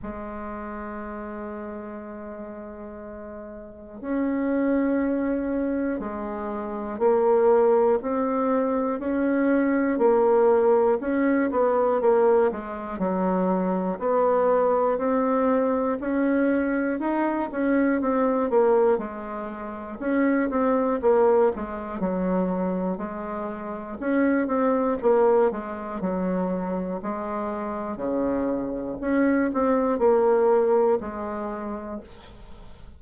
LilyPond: \new Staff \with { instrumentName = "bassoon" } { \time 4/4 \tempo 4 = 60 gis1 | cis'2 gis4 ais4 | c'4 cis'4 ais4 cis'8 b8 | ais8 gis8 fis4 b4 c'4 |
cis'4 dis'8 cis'8 c'8 ais8 gis4 | cis'8 c'8 ais8 gis8 fis4 gis4 | cis'8 c'8 ais8 gis8 fis4 gis4 | cis4 cis'8 c'8 ais4 gis4 | }